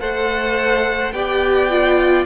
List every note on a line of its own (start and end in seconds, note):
0.00 1.12 A3
0.00 1.13 A4
0.00 1.14 C5
0.00 1.12 F#5
1.12 2.25 B3
1.12 1.70 G4
1.12 2.26 D5
1.12 2.25 G5
1.70 2.26 F4